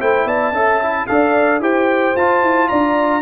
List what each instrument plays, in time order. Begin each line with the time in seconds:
0.00 tuba A3, trombone E4, horn C5, trumpet G5
0.25 tuba B3, horn D5, trumpet A5
0.52 tuba C#4, trombone A4, horn E5
0.83 trombone E4
1.07 tuba D4, trombone A4, horn D5, trumpet F5
1.60 tuba E4, trombone G4, horn C5, trumpet G5
2.16 tuba F4, trombone F4, trumpet A5
2.43 tuba E4
2.69 tuba D4, horn D5, trumpet A#5